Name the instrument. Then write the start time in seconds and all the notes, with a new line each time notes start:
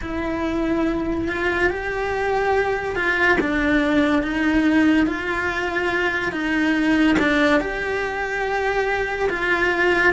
cello
0.01 E4
1.28 F4
1.69 G4
2.95 F4
3.40 D4
4.22 D#4
5.06 F4
6.31 D#4
7.18 D4
7.60 G4
9.29 F4